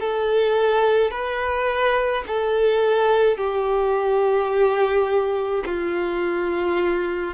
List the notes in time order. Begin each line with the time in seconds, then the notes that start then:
0.00 A4
1.11 B4
2.27 A4
3.38 G4
5.65 F4